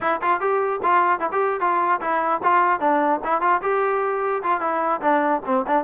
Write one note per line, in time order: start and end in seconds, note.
0.00 0.20 E4
0.21 0.40 F4
0.40 0.80 G4
0.82 1.19 F4
1.19 1.29 E4
1.32 1.60 G4
1.60 2.00 F4
2.00 2.41 E4
2.43 2.80 F4
2.80 3.20 D4
3.24 3.41 E4
3.41 3.61 F4
3.61 4.42 G4
4.43 4.60 F4
4.60 5.00 E4
5.01 5.41 D4
5.45 5.65 C4
5.67 5.84 D4